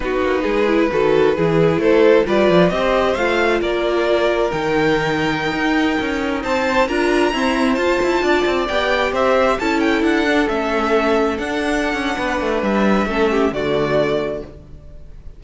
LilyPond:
<<
  \new Staff \with { instrumentName = "violin" } { \time 4/4 \tempo 4 = 133 b'1 | c''4 d''4 dis''4 f''4 | d''2 g''2~ | g''2~ g''16 a''4 ais''8.~ |
ais''4~ ais''16 a''2 g''8.~ | g''16 e''4 a''8 g''8 fis''4 e''8.~ | e''4~ e''16 fis''2~ fis''8. | e''2 d''2 | }
  \new Staff \with { instrumentName = "violin" } { \time 4/4 fis'4 gis'4 a'4 gis'4 | a'4 b'4 c''2 | ais'1~ | ais'2~ ais'16 c''4 ais'8.~ |
ais'16 c''2 d''4.~ d''16~ | d''16 c''4 a'2~ a'8.~ | a'2. b'4~ | b'4 a'8 g'8 fis'2 | }
  \new Staff \with { instrumentName = "viola" } { \time 4/4 dis'4. e'8 fis'4 e'4~ | e'4 f'4 g'4 f'4~ | f'2 dis'2~ | dis'2.~ dis'16 f'8.~ |
f'16 c'4 f'2 g'8.~ | g'4~ g'16 e'4. d'8 cis'8.~ | cis'4~ cis'16 d'2~ d'8.~ | d'4 cis'4 a2 | }
  \new Staff \with { instrumentName = "cello" } { \time 4/4 b8 ais8 gis4 dis4 e4 | a4 g8 f8 c'4 a4 | ais2 dis2~ | dis16 dis'4 cis'4 c'4 d'8.~ |
d'16 e'4 f'8 e'8 d'8 c'8 b8.~ | b16 c'4 cis'4 d'4 a8.~ | a4~ a16 d'4~ d'16 cis'8 b8 a8 | g4 a4 d2 | }
>>